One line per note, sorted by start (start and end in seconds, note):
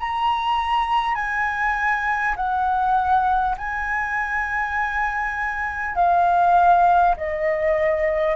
0.00 1.15 A#5
1.15 2.35 G#5
2.36 3.56 F#5
3.58 5.96 G#5
5.96 7.16 F5
7.17 8.36 D#5